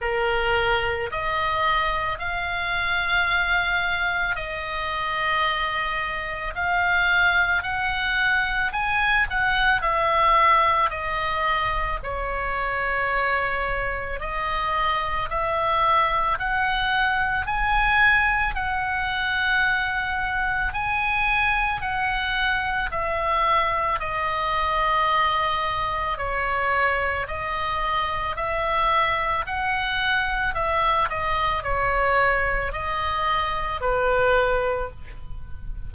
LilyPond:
\new Staff \with { instrumentName = "oboe" } { \time 4/4 \tempo 4 = 55 ais'4 dis''4 f''2 | dis''2 f''4 fis''4 | gis''8 fis''8 e''4 dis''4 cis''4~ | cis''4 dis''4 e''4 fis''4 |
gis''4 fis''2 gis''4 | fis''4 e''4 dis''2 | cis''4 dis''4 e''4 fis''4 | e''8 dis''8 cis''4 dis''4 b'4 | }